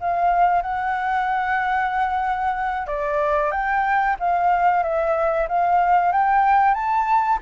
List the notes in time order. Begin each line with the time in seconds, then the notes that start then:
0.00 F5
0.61 F#5
2.87 D5
3.51 G5
4.19 F5
4.82 E5
5.48 F5
6.12 G5
6.74 A5